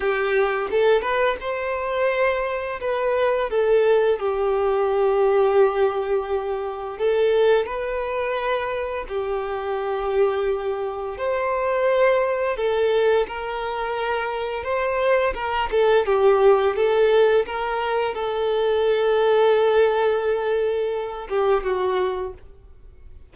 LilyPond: \new Staff \with { instrumentName = "violin" } { \time 4/4 \tempo 4 = 86 g'4 a'8 b'8 c''2 | b'4 a'4 g'2~ | g'2 a'4 b'4~ | b'4 g'2. |
c''2 a'4 ais'4~ | ais'4 c''4 ais'8 a'8 g'4 | a'4 ais'4 a'2~ | a'2~ a'8 g'8 fis'4 | }